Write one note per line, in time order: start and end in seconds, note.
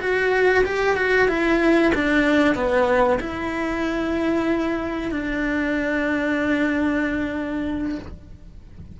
0.00 0.64 F#4
0.64 0.96 G4
0.96 1.28 F#4
1.28 1.92 E4
1.94 2.55 D4
2.55 3.19 B3
3.20 5.11 E4
5.11 7.98 D4